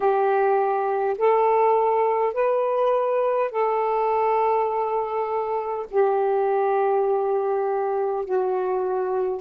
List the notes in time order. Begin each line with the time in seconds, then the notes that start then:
0.00 G4
1.18 A4
2.33 B4
3.51 A4
5.90 G4
8.25 F#4